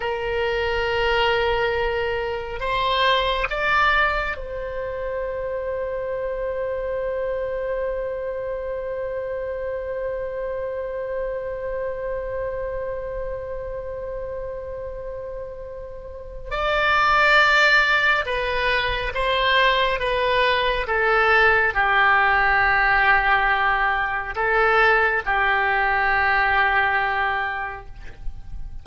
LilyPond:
\new Staff \with { instrumentName = "oboe" } { \time 4/4 \tempo 4 = 69 ais'2. c''4 | d''4 c''2.~ | c''1~ | c''1~ |
c''2. d''4~ | d''4 b'4 c''4 b'4 | a'4 g'2. | a'4 g'2. | }